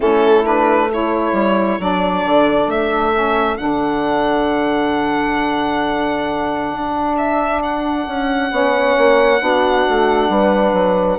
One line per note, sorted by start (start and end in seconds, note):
0.00 1.32 A3
0.00 0.43 C#4
0.00 0.90 E4
0.00 0.45 A4
0.44 0.88 D4
0.44 0.90 B4
0.90 1.79 E4
0.90 8.51 A4
0.90 1.81 C#5
1.32 1.77 G3
1.79 2.24 F#3
1.79 3.12 D4
1.79 2.70 D5
2.25 2.67 D3
2.67 3.57 A3
2.67 3.57 E5
3.12 3.56 C#4
3.56 6.73 D3
3.56 8.49 D4
3.56 7.15 F#5
6.73 8.07 D4
7.17 7.62 E5
7.62 11.19 F#5
8.07 8.51 C#4
8.51 8.96 B3
8.51 9.39 C#4
8.51 9.41 C#5
8.97 9.40 A#3
9.39 9.85 B3
9.39 11.18 D4
9.39 10.31 F#4
9.89 10.28 A3
10.28 10.73 G3
10.28 11.19 B4
10.73 11.17 F#3